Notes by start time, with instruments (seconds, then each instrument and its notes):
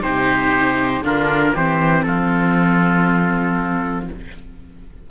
0.00 cello C3, viola D#4, oboe G4, trumpet C5
1.01 cello D3, viola D4, oboe F4, trumpet A#4
1.54 cello E3, viola C4, oboe G4, trumpet C5
2.02 cello F3, oboe F4, trumpet A4